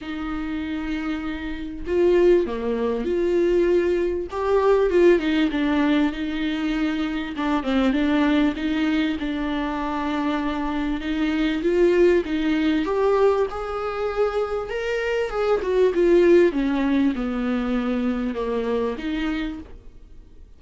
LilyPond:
\new Staff \with { instrumentName = "viola" } { \time 4/4 \tempo 4 = 98 dis'2. f'4 | ais4 f'2 g'4 | f'8 dis'8 d'4 dis'2 | d'8 c'8 d'4 dis'4 d'4~ |
d'2 dis'4 f'4 | dis'4 g'4 gis'2 | ais'4 gis'8 fis'8 f'4 cis'4 | b2 ais4 dis'4 | }